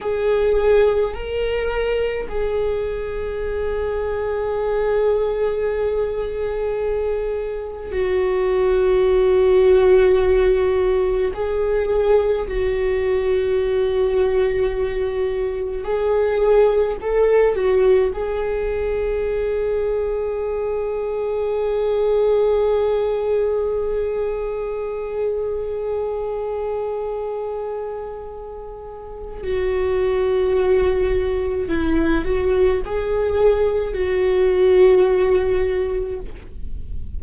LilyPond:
\new Staff \with { instrumentName = "viola" } { \time 4/4 \tempo 4 = 53 gis'4 ais'4 gis'2~ | gis'2. fis'4~ | fis'2 gis'4 fis'4~ | fis'2 gis'4 a'8 fis'8 |
gis'1~ | gis'1~ | gis'2 fis'2 | e'8 fis'8 gis'4 fis'2 | }